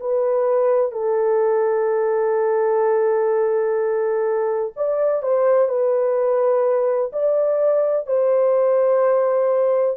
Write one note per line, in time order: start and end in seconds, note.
0.00 0.91 B4
0.91 4.72 A4
4.76 5.23 D5
5.23 5.68 C5
5.68 7.11 B4
7.12 8.06 D5
8.06 9.97 C5